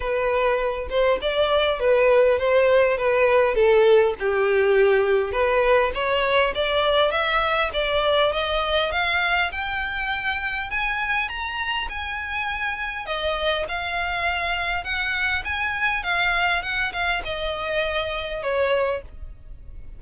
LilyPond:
\new Staff \with { instrumentName = "violin" } { \time 4/4 \tempo 4 = 101 b'4. c''8 d''4 b'4 | c''4 b'4 a'4 g'4~ | g'4 b'4 cis''4 d''4 | e''4 d''4 dis''4 f''4 |
g''2 gis''4 ais''4 | gis''2 dis''4 f''4~ | f''4 fis''4 gis''4 f''4 | fis''8 f''8 dis''2 cis''4 | }